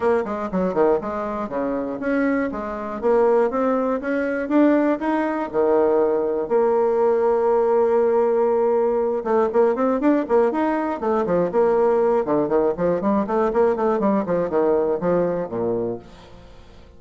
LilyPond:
\new Staff \with { instrumentName = "bassoon" } { \time 4/4 \tempo 4 = 120 ais8 gis8 fis8 dis8 gis4 cis4 | cis'4 gis4 ais4 c'4 | cis'4 d'4 dis'4 dis4~ | dis4 ais2.~ |
ais2~ ais8 a8 ais8 c'8 | d'8 ais8 dis'4 a8 f8 ais4~ | ais8 d8 dis8 f8 g8 a8 ais8 a8 | g8 f8 dis4 f4 ais,4 | }